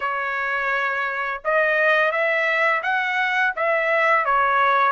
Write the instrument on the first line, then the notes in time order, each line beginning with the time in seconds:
trumpet
0.00 C#5
1.44 D#5
2.11 E5
2.82 F#5
3.56 E5
4.25 C#5